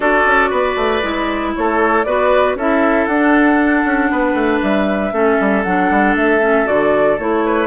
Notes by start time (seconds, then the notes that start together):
0.00 D4 F#4 A4 D5
0.25 C#4
0.50 B3 B4
0.76 A3
1.01 G#3 E4
1.55 A3 A4 C#5
2.03 B3 F#4 B4 D5
2.55 C#4 E4 A4 E5
3.05 D4 F#5
3.84 C#4
4.10 B3 B4
4.34 A3
4.61 G3 E5
5.11 A3 C#4 A4
5.40 G3
5.63 F#3 D4 F#5
5.90 G3
6.15 A3 E5
6.41 C#4
6.65 D3 F#4 D5
7.18 A3 E4 C#5
7.45 B4